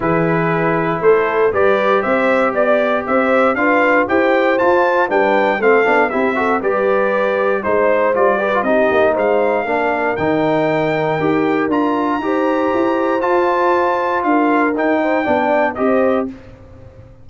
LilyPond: <<
  \new Staff \with { instrumentName = "trumpet" } { \time 4/4 \tempo 4 = 118 b'2 c''4 d''4 | e''4 d''4 e''4 f''4 | g''4 a''4 g''4 f''4 | e''4 d''2 c''4 |
d''4 dis''4 f''2 | g''2. ais''4~ | ais''2 a''2 | f''4 g''2 dis''4 | }
  \new Staff \with { instrumentName = "horn" } { \time 4/4 gis'2 a'4 b'4 | c''4 d''4 c''4 b'4 | c''2 b'4 a'4 | g'8 a'8 b'2 c''4~ |
c''8 b'8 g'4 c''4 ais'4~ | ais'1 | c''1 | ais'4. c''8 d''4 c''4 | }
  \new Staff \with { instrumentName = "trombone" } { \time 4/4 e'2. g'4~ | g'2. f'4 | g'4 f'4 d'4 c'8 d'8 | e'8 fis'8 g'2 dis'4 |
f'8 g'16 f'16 dis'2 d'4 | dis'2 g'4 f'4 | g'2 f'2~ | f'4 dis'4 d'4 g'4 | }
  \new Staff \with { instrumentName = "tuba" } { \time 4/4 e2 a4 g4 | c'4 b4 c'4 d'4 | e'4 f'4 g4 a8 b8 | c'4 g2 gis4 |
g4 c'8 ais8 gis4 ais4 | dis2 dis'4 d'4 | dis'4 e'4 f'2 | d'4 dis'4 b4 c'4 | }
>>